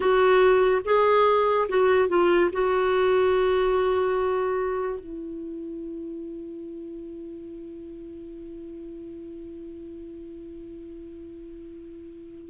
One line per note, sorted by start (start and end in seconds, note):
0.00 0.81 F#4
0.84 1.67 G#4
1.69 2.08 F#4
2.08 2.50 F4
2.52 5.00 F#4
5.00 12.50 E4